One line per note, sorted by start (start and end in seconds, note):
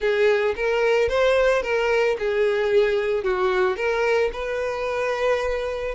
0.00 0.55 G#4
0.56 1.08 A#4
1.08 1.62 C5
1.62 2.16 A#4
2.18 3.23 G#4
3.23 3.76 F#4
3.76 4.30 A#4
4.32 5.95 B4